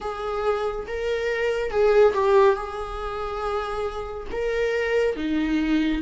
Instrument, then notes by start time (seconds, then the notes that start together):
viola
0.00 G#4
0.86 A#4
1.70 G#4
2.14 G4
2.55 G#4
4.31 A#4
5.16 D#4